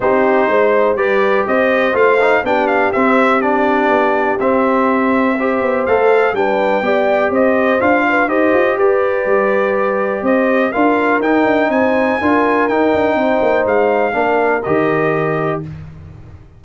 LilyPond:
<<
  \new Staff \with { instrumentName = "trumpet" } { \time 4/4 \tempo 4 = 123 c''2 d''4 dis''4 | f''4 g''8 f''8 e''4 d''4~ | d''4 e''2. | f''4 g''2 dis''4 |
f''4 dis''4 d''2~ | d''4 dis''4 f''4 g''4 | gis''2 g''2 | f''2 dis''2 | }
  \new Staff \with { instrumentName = "horn" } { \time 4/4 g'4 c''4 b'4 c''4~ | c''4 g'2.~ | g'2. c''4~ | c''4 b'4 d''4 c''4~ |
c''8 b'8 c''4 b'2~ | b'4 c''4 ais'2 | c''4 ais'2 c''4~ | c''4 ais'2. | }
  \new Staff \with { instrumentName = "trombone" } { \time 4/4 dis'2 g'2 | f'8 dis'8 d'4 c'4 d'4~ | d'4 c'2 g'4 | a'4 d'4 g'2 |
f'4 g'2.~ | g'2 f'4 dis'4~ | dis'4 f'4 dis'2~ | dis'4 d'4 g'2 | }
  \new Staff \with { instrumentName = "tuba" } { \time 4/4 c'4 gis4 g4 c'4 | a4 b4 c'2 | b4 c'2~ c'8 b8 | a4 g4 b4 c'4 |
d'4 dis'8 f'8 g'4 g4~ | g4 c'4 d'4 dis'8 d'8 | c'4 d'4 dis'8 d'8 c'8 ais8 | gis4 ais4 dis2 | }
>>